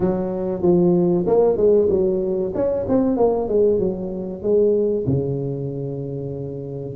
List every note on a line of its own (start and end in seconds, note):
0.00 0.62 F#3
0.62 1.25 F3
1.26 1.56 A#3
1.56 1.88 G#3
1.89 2.52 F#3
2.54 2.86 C#4
2.88 3.16 C4
3.16 3.48 A#3
3.48 3.79 G#3
3.79 4.42 F#3
4.42 5.05 G#3
5.06 6.95 C#3